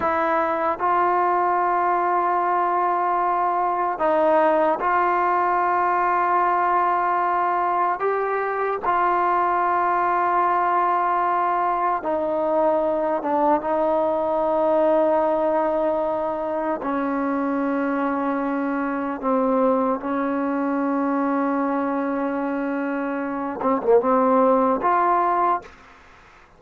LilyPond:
\new Staff \with { instrumentName = "trombone" } { \time 4/4 \tempo 4 = 75 e'4 f'2.~ | f'4 dis'4 f'2~ | f'2 g'4 f'4~ | f'2. dis'4~ |
dis'8 d'8 dis'2.~ | dis'4 cis'2. | c'4 cis'2.~ | cis'4. c'16 ais16 c'4 f'4 | }